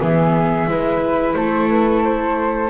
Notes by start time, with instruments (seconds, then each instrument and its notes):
0.00 double bass E3, viola B3, flute G#4 E5
0.67 double bass G#3, viola E4, flute B4
1.34 double bass A3, flute A4 C5
1.69 flute B4
2.04 flute C5